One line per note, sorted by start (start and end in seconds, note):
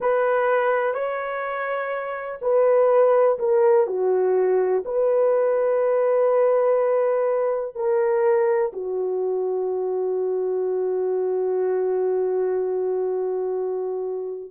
0.00 0.94 B4
0.94 2.39 C#5
2.41 3.38 B4
3.38 3.87 A#4
3.87 4.83 F#4
4.85 7.75 B4
7.75 8.71 A#4
8.72 14.50 F#4